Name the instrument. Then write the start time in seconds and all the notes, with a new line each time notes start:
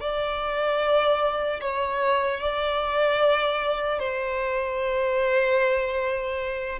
violin
0.00 D5
1.60 C#5
2.40 D5
3.99 C5